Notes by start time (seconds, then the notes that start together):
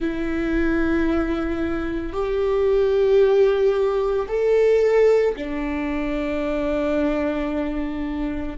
0.00 E4
2.12 G4
4.28 A4
5.36 D4